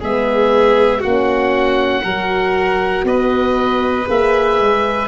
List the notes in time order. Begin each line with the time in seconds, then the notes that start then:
0.00 G#3 B3 G#4 E5
1.00 A#3 C#4 F#4 F#5
2.03 F#3 F#4 A#4
3.04 B3 B4 D#5
4.06 A#3 G#4 E5
4.60 G#3